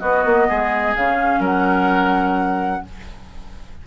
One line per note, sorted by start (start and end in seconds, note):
0.00 0.25 B3
0.00 0.96 B3
0.00 0.47 F#4
0.00 0.94 D#5
0.25 0.49 A#3
0.49 0.96 G#3
0.49 1.40 G#4
0.96 1.40 C#3
0.96 2.85 C#4
0.96 1.44 F5
1.40 2.82 F#3
1.40 2.82 A#4
1.40 2.87 F#5